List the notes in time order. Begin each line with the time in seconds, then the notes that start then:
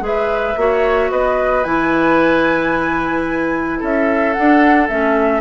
0.00 G#3 G#4 B4 E5
0.56 A#3 F#4 C#5
1.11 B3 B4 D#5
1.64 E3 E4 G#5
3.79 C#4 A4 E5
4.33 D4 F#5
4.88 A3 C#4 E5